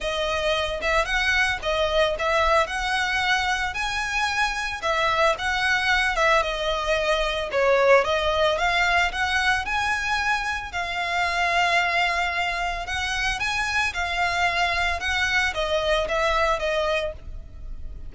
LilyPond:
\new Staff \with { instrumentName = "violin" } { \time 4/4 \tempo 4 = 112 dis''4. e''8 fis''4 dis''4 | e''4 fis''2 gis''4~ | gis''4 e''4 fis''4. e''8 | dis''2 cis''4 dis''4 |
f''4 fis''4 gis''2 | f''1 | fis''4 gis''4 f''2 | fis''4 dis''4 e''4 dis''4 | }